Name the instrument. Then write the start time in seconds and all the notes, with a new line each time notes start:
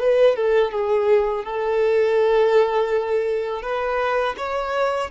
violin
0.00 B4
0.36 A4
0.72 G#4
1.45 A4
3.62 B4
4.38 C#5